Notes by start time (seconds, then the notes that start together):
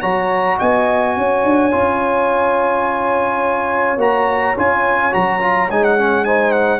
0.00 F#3 F#4 C#5 A#5
0.58 B3 D#5 G#5
1.17 C#4 C#5
1.45 D4
1.71 C#4 F4
3.97 A#3 F#4 A#5
4.57 C#4 F4 G#5
5.11 F#3 F#4 A#5
5.40 F4
5.70 G#3 D#4 G#5
5.84 F#5
5.99 C#4
6.25 D#4 C5 G#5
6.52 F#5